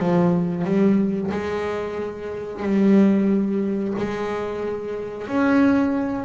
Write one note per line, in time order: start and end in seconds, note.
0.00 0.65 F3
0.65 1.31 G3
1.32 2.63 G#3
2.63 3.94 G3
3.98 5.28 G#3
5.28 6.25 C#4